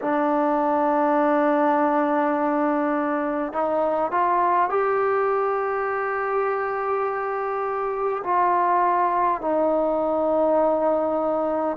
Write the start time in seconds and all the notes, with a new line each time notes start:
0.01 D4
3.52 D#4
4.11 F4
4.70 G4
8.24 F4
9.41 D#4